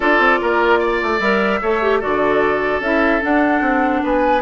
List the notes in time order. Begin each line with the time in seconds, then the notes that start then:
0.00 D4 F4 A4 D5
0.18 C4
0.41 A#3 A#4
0.79 D5
1.02 A3
1.19 G3 A#4 E5
1.61 A3 A4 C#5
1.82 G4
1.99 D3 F#4 A4 D5
2.79 C#4 E4 E5
3.20 D4 F#5
3.61 C4
4.02 B3 B4 G#5